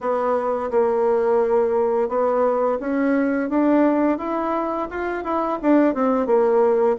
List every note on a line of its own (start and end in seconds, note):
0.00 0.70 B3
0.70 2.08 A#3
2.08 2.78 B3
2.80 3.49 C#4
3.49 4.18 D4
4.18 4.87 E4
4.90 5.24 F4
5.24 5.58 E4
5.62 5.94 D4
5.94 6.26 C4
6.26 6.96 A#3